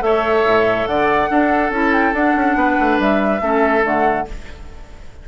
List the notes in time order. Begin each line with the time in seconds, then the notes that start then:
0.00 A3 A4 C#5 E5
0.45 A2
0.87 D3 D5 F#5
1.30 D4 A4
1.70 C#4 E4 A5
1.93 G5
2.13 D4 F#5
2.35 C#4
2.56 B3 B4
2.79 A3
2.99 G3 E5
3.41 A3 C#4 A4
3.83 D3 A3 F#5